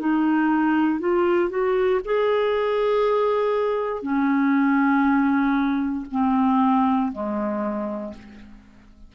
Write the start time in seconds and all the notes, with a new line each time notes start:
0.00 D#4
1.00 F4
1.50 F#4
2.05 G#4
4.03 C#4
6.12 C4
7.12 G#3